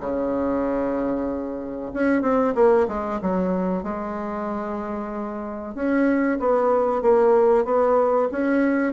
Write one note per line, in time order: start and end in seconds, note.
0.00 1.91 C#3
1.94 2.22 C#4
2.22 2.54 C4
2.55 2.87 A#3
2.88 3.20 G#3
3.21 3.83 F#3
3.83 5.74 G#3
5.75 6.39 C#4
6.39 7.02 B3
7.02 7.65 A#3
7.65 8.29 B3
8.32 8.93 C#4